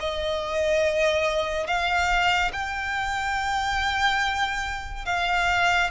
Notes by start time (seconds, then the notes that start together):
0.00 D#5
1.67 F5
2.53 G5
5.06 F5